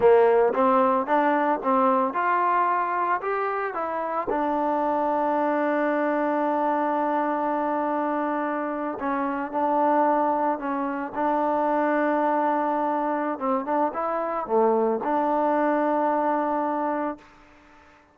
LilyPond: \new Staff \with { instrumentName = "trombone" } { \time 4/4 \tempo 4 = 112 ais4 c'4 d'4 c'4 | f'2 g'4 e'4 | d'1~ | d'1~ |
d'8. cis'4 d'2 cis'16~ | cis'8. d'2.~ d'16~ | d'4 c'8 d'8 e'4 a4 | d'1 | }